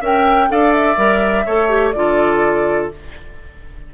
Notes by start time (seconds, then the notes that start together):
0.00 C#4 A#4 E5 G5
0.48 D4 A4 D5 F5
0.73 E5
0.97 G3 A#4
1.45 A3 A4 C#5
1.69 G4
1.91 D3 F4 D5
1.98 A4